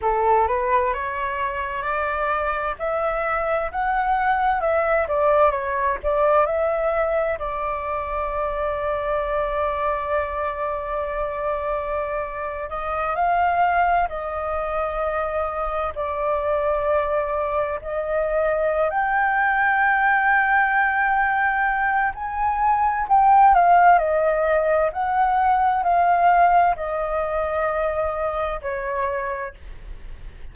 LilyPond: \new Staff \with { instrumentName = "flute" } { \time 4/4 \tempo 4 = 65 a'8 b'8 cis''4 d''4 e''4 | fis''4 e''8 d''8 cis''8 d''8 e''4 | d''1~ | d''4.~ d''16 dis''8 f''4 dis''8.~ |
dis''4~ dis''16 d''2 dis''8.~ | dis''8 g''2.~ g''8 | gis''4 g''8 f''8 dis''4 fis''4 | f''4 dis''2 cis''4 | }